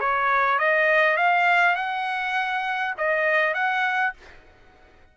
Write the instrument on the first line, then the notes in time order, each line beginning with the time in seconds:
trumpet
0.00 C#5
0.59 D#5
1.17 F5
1.75 F#5
2.98 D#5
3.54 F#5